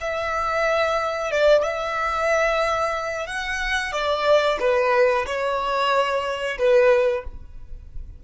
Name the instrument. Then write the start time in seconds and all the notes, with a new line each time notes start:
violin
0.00 E5
1.31 D5
1.63 E5
3.26 F#5
3.92 D5
4.59 B4
5.26 C#5
6.58 B4